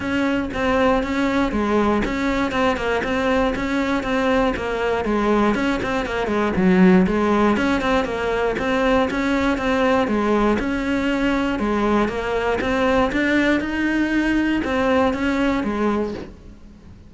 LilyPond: \new Staff \with { instrumentName = "cello" } { \time 4/4 \tempo 4 = 119 cis'4 c'4 cis'4 gis4 | cis'4 c'8 ais8 c'4 cis'4 | c'4 ais4 gis4 cis'8 c'8 | ais8 gis8 fis4 gis4 cis'8 c'8 |
ais4 c'4 cis'4 c'4 | gis4 cis'2 gis4 | ais4 c'4 d'4 dis'4~ | dis'4 c'4 cis'4 gis4 | }